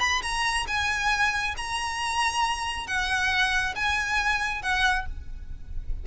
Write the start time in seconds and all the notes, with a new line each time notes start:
0.00 B5
0.22 A#5
0.68 G#5
1.57 A#5
2.87 F#5
3.75 G#5
4.62 F#5